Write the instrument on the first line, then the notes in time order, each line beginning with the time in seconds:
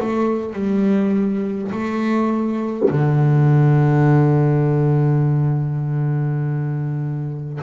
double bass
0.00 A3
0.53 G3
1.72 A3
2.90 D3